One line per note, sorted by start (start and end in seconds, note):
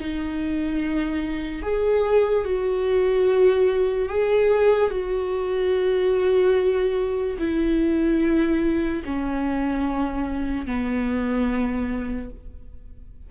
0.00 1.63 D#4
1.63 2.45 G#4
2.45 4.09 F#4
4.09 4.91 G#4
4.91 7.37 F#4
7.39 9.03 E4
9.05 10.66 C#4
10.66 12.30 B3